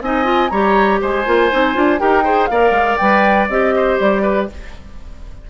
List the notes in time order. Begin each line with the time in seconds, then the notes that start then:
0.00 C4 D#4 D#5 G#5
0.24 F4
0.48 G3 G4 C#5 A#5
1.01 G#3 C5 G#5
1.25 A#3 F4
1.51 C4 D#4
1.73 D4 F4
1.99 D#4 G4 A#4 G5
2.23 G#4 C5
2.46 A#3 A#4 D5 F5
2.70 G#3
2.96 G3 B4 G5
3.48 C4 G4 D#5
3.75 C5
3.99 G3 D5
4.22 B4